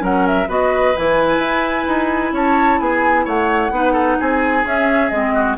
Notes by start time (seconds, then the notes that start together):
0.00 F#3 C#4 A#4 F#5
0.27 E5
0.48 B3 F#4 B4 D#5
0.97 E3 E4 G#5
1.39 E4
1.88 D#4
2.33 C#4 C#5 A5
2.80 B3 G#4 G#5
3.25 A3 C#5 F#5
3.71 B3 D#4 B4
3.93 A4
4.20 C4 G#4 G#5
4.65 C#4 E5
5.09 G#3 C4 D#5
5.34 F#4